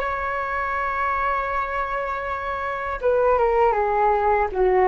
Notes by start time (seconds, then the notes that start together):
0.00 C#5
3.01 B4
3.39 A#4
3.73 G#4
4.52 F#4